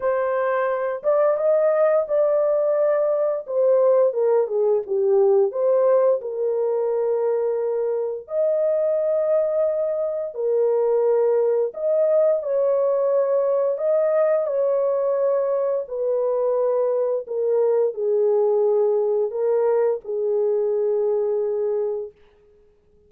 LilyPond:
\new Staff \with { instrumentName = "horn" } { \time 4/4 \tempo 4 = 87 c''4. d''8 dis''4 d''4~ | d''4 c''4 ais'8 gis'8 g'4 | c''4 ais'2. | dis''2. ais'4~ |
ais'4 dis''4 cis''2 | dis''4 cis''2 b'4~ | b'4 ais'4 gis'2 | ais'4 gis'2. | }